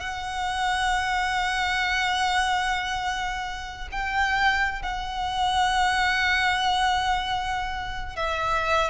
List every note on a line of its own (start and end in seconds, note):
0.00 3.89 F#5
3.92 4.82 G5
4.82 8.16 F#5
8.16 8.90 E5